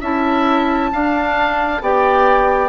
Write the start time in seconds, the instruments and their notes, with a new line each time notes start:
0.00 bassoon C#4, clarinet E4, oboe E5, flute A5
0.92 clarinet D4, bassoon D4, oboe F5
1.81 bassoon B3, clarinet G4, oboe D5, flute G5